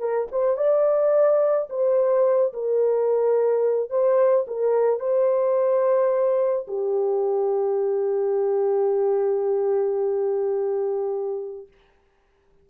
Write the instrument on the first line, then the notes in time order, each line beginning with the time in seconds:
horn
0.00 A#4
0.32 C5
0.58 D5
1.70 C5
2.54 A#4
3.91 C5
4.48 A#4
5.00 C5
6.68 G4